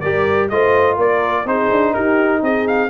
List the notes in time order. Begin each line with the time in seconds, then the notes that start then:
0.00 G3 G4 A#4 D5
0.49 A3 F4 C5 D#5
0.97 A#3 A#4 D5
1.45 C4 D#4 G#4 C5
1.71 D4
1.93 D#4 G4 A#4
2.42 C4 G#4 D#5
2.67 F5